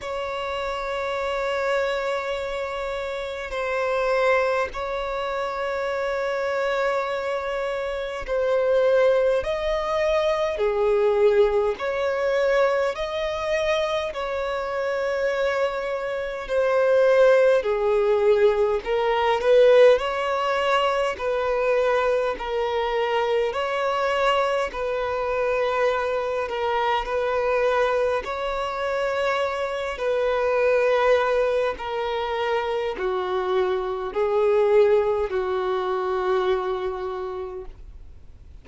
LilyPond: \new Staff \with { instrumentName = "violin" } { \time 4/4 \tempo 4 = 51 cis''2. c''4 | cis''2. c''4 | dis''4 gis'4 cis''4 dis''4 | cis''2 c''4 gis'4 |
ais'8 b'8 cis''4 b'4 ais'4 | cis''4 b'4. ais'8 b'4 | cis''4. b'4. ais'4 | fis'4 gis'4 fis'2 | }